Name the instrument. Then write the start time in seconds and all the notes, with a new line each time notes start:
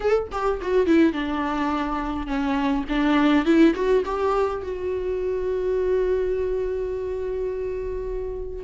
viola
0.00 A4
0.31 G4
0.61 F#4
0.86 E4
1.12 D4
2.27 C#4
2.88 D4
3.45 E4
3.74 F#4
4.05 G4
4.62 F#4